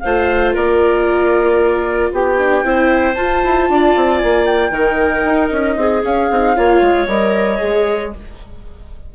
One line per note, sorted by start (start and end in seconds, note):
0.00 0.56 A3
0.00 2.38 F4
0.00 0.54 C5
0.00 0.52 F5
0.54 2.12 A#3
0.54 2.11 A#4
0.54 2.12 D5
2.13 2.64 B3
2.13 2.66 G4
2.13 3.15 G5
2.38 2.64 D4
2.64 3.16 C4
2.64 3.17 E4
2.64 3.71 C5
3.15 4.72 F4
3.15 3.43 F4
3.15 4.19 A5
3.44 3.69 E4
3.69 3.96 D4
3.69 4.72 D5
3.97 4.23 C4
4.19 4.70 A#3
4.19 4.45 G#5
4.46 5.50 G5
4.70 5.23 D#3
4.70 6.03 D#4
4.70 5.76 A#4
5.26 5.52 D#4
5.51 5.77 C#4
5.51 6.04 D#5
5.77 6.03 C4
5.77 6.57 G#4
6.03 6.29 C#4
6.03 6.31 C#4
6.03 7.08 F5
6.31 6.57 C4
6.31 6.56 D#4
6.56 6.82 A#3
6.56 7.08 F4
6.56 8.14 C#5
6.82 7.08 G#3
7.08 7.60 G3
7.08 7.58 A#4
7.08 8.12 D#5
7.58 8.15 G#3
7.58 8.10 G#4